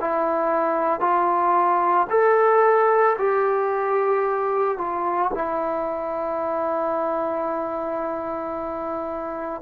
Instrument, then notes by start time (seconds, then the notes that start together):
trombone
0.00 E4
1.00 F4
2.09 A4
3.19 G4
4.78 F4
5.34 E4